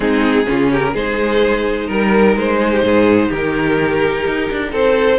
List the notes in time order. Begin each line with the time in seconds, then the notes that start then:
0.00 G#3 C4 D#4 G#4
0.46 C#3 C#4 F4
0.71 G4 A#4
0.93 G#3 D#4 G#4 C5
1.86 G3 A#4
2.35 G#3 C5
2.60 G#4
2.72 G4
2.83 G#2 G#4
3.28 D#3 G4 A#4
4.26 D#4
4.51 D4
4.71 C4 A4 C5